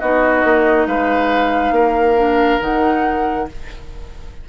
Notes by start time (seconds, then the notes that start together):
0.00 B3 D#4 F#4 D#5
0.44 A#3
0.87 G#3 B4 F5
1.71 A#3 A#4
2.17 D4
2.61 D#3 D#4 F#5